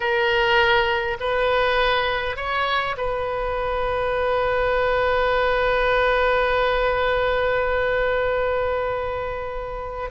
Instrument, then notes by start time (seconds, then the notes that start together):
oboe
0.00 A#4
1.20 B4
2.36 C#5
2.97 B4